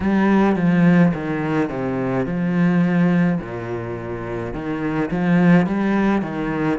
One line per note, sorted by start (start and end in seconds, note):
0.00 0.56 G3
0.56 1.12 F3
1.13 1.69 D#3
1.69 2.26 C3
2.26 3.39 F3
3.40 4.53 A#2
4.53 5.09 D#3
5.10 5.66 F3
5.66 6.22 G3
6.22 6.78 D#3